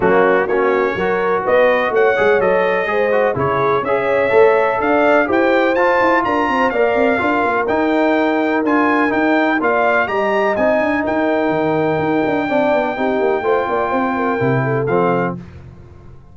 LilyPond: <<
  \new Staff \with { instrumentName = "trumpet" } { \time 4/4 \tempo 4 = 125 fis'4 cis''2 dis''4 | fis''4 dis''2 cis''4 | e''2 f''4 g''4 | a''4 ais''4 f''2 |
g''2 gis''4 g''4 | f''4 ais''4 gis''4 g''4~ | g''1~ | g''2. f''4 | }
  \new Staff \with { instrumentName = "horn" } { \time 4/4 cis'4 fis'4 ais'4 b'4 | cis''2 c''4 gis'4 | cis''2 d''4 c''4~ | c''4 ais'8 c''8 d''4 ais'4~ |
ais'1 | d''4 dis''2 ais'4~ | ais'2 d''4 g'4 | c''8 d''8 c''8 ais'4 a'4. | }
  \new Staff \with { instrumentName = "trombone" } { \time 4/4 ais4 cis'4 fis'2~ | fis'8 gis'8 a'4 gis'8 fis'8 e'4 | gis'4 a'2 g'4 | f'2 ais'4 f'4 |
dis'2 f'4 dis'4 | f'4 g'4 dis'2~ | dis'2 d'4 dis'4 | f'2 e'4 c'4 | }
  \new Staff \with { instrumentName = "tuba" } { \time 4/4 fis4 ais4 fis4 b4 | a8 gis8 fis4 gis4 cis4 | cis'4 a4 d'4 e'4 | f'8 e'8 d'8 c'8 ais8 c'8 d'8 ais8 |
dis'2 d'4 dis'4 | ais4 g4 c'8 d'8 dis'4 | dis4 dis'8 d'8 c'8 b8 c'8 ais8 | a8 ais8 c'4 c4 f4 | }
>>